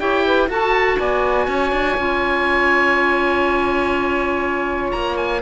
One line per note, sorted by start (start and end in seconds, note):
0.00 0.49 E4
0.00 0.49 G4
0.00 0.25 C#5
0.00 0.49 G5
0.26 0.49 B4
0.49 0.98 F#4
0.49 1.98 F#4
0.49 0.98 A4
0.49 1.00 A5
0.99 1.48 B3
0.99 1.48 D5
0.99 4.92 G#5
1.48 1.72 C#4
1.48 5.42 C#5
1.72 1.97 D4
1.97 4.92 C#4
1.97 5.42 F4
4.92 5.42 A#3
4.92 5.16 A#5
5.17 5.42 G#5